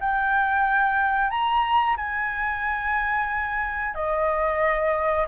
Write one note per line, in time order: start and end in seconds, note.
0.00 1.30 G5
1.30 1.96 A#5
1.96 3.94 G#5
3.94 5.26 D#5